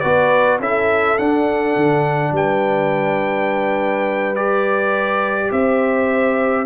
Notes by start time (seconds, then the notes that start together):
0.00 B3 F#4 B4 D5
0.60 C#4 E4 A4 E5
1.18 D4 F#5
1.76 D3
2.32 G3 B4 G5
4.35 G4 D5
5.51 C4 C5 E5